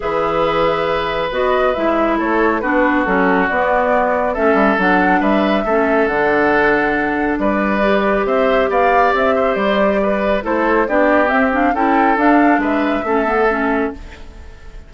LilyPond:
<<
  \new Staff \with { instrumentName = "flute" } { \time 4/4 \tempo 4 = 138 e''2. dis''4 | e''4 cis''4 b'4 a'4 | d''2 e''4 fis''4 | e''2 fis''2~ |
fis''4 d''2 e''4 | f''4 e''4 d''2 | c''4 d''4 e''8 f''8 g''4 | f''4 e''2. | }
  \new Staff \with { instrumentName = "oboe" } { \time 4/4 b'1~ | b'4 a'4 fis'2~ | fis'2 a'2 | b'4 a'2.~ |
a'4 b'2 c''4 | d''4. c''4. b'4 | a'4 g'2 a'4~ | a'4 b'4 a'2 | }
  \new Staff \with { instrumentName = "clarinet" } { \time 4/4 gis'2. fis'4 | e'2 d'4 cis'4 | b2 cis'4 d'4~ | d'4 cis'4 d'2~ |
d'2 g'2~ | g'1 | e'4 d'4 c'8 d'8 e'4 | d'2 cis'8 b8 cis'4 | }
  \new Staff \with { instrumentName = "bassoon" } { \time 4/4 e2. b4 | gis4 a4 b4 fis4 | b2 a8 g8 fis4 | g4 a4 d2~ |
d4 g2 c'4 | b4 c'4 g2 | a4 b4 c'4 cis'4 | d'4 gis4 a2 | }
>>